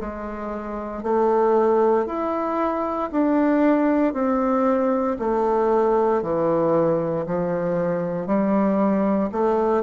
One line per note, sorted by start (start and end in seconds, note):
0.00 1.03 G#3
1.03 2.06 A3
2.06 3.09 E4
3.11 4.13 D4
4.13 5.17 C4
5.19 6.22 A3
6.22 7.26 E3
7.26 8.26 F3
8.26 9.30 G3
9.32 9.83 A3